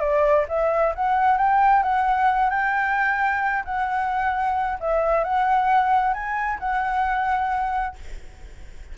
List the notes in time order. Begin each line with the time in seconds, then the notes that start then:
0.00 D5
0.48 E5
0.95 F#5
1.37 G5
1.83 F#5
2.50 G5
3.65 F#5
4.80 E5
5.24 F#5
6.13 G#5
6.59 F#5